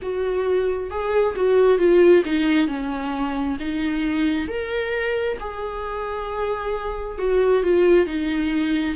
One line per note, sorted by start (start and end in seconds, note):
0.02 0.90 F#4
0.90 1.35 G#4
1.35 1.78 F#4
1.78 2.23 F4
2.25 2.67 D#4
2.67 3.57 C#4
3.59 4.48 D#4
4.48 5.37 A#4
5.40 7.18 G#4
7.18 7.63 F#4
7.63 8.06 F4
8.06 8.95 D#4